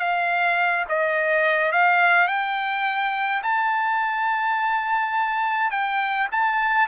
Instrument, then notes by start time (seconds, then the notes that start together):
trumpet
0.00 F5
0.89 D#5
1.72 F5
2.28 G5
3.43 A5
5.71 G5
6.32 A5